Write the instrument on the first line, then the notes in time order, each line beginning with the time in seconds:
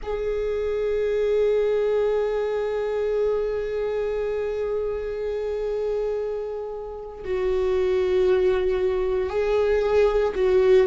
viola
0.02 G#4
7.24 F#4
9.29 G#4
10.35 F#4